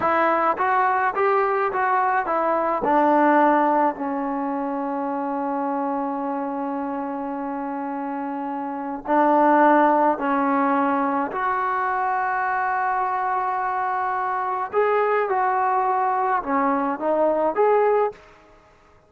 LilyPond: \new Staff \with { instrumentName = "trombone" } { \time 4/4 \tempo 4 = 106 e'4 fis'4 g'4 fis'4 | e'4 d'2 cis'4~ | cis'1~ | cis'1 |
d'2 cis'2 | fis'1~ | fis'2 gis'4 fis'4~ | fis'4 cis'4 dis'4 gis'4 | }